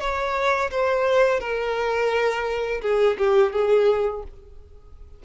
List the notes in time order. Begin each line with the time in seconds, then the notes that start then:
0.00 C#5
0.71 C5
1.41 A#4
2.82 G#4
3.18 G4
3.53 G#4